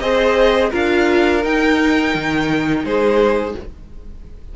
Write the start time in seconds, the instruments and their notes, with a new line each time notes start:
0.00 cello C4, viola G#4, violin C5 D#5
0.71 cello D4, viola F4, violin A#4 F5
1.43 viola D#4, cello D#4, violin G5
2.15 cello D#3
2.84 cello G#3, violin G#4 C5